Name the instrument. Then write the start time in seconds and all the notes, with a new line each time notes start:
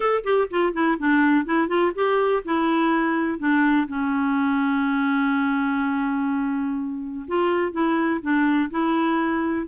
clarinet
0.00 A4
0.24 G4
0.50 F4
0.73 E4
0.99 D4
1.45 E4
1.67 F4
1.94 G4
2.44 E4
3.38 D4
3.87 C#4
7.27 F4
7.72 E4
8.21 D4
8.70 E4